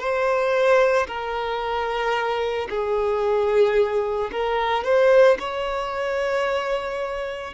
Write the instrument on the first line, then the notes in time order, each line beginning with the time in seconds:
violin
0.00 C5
1.07 A#4
2.70 G#4
4.31 A#4
4.84 C5
5.39 C#5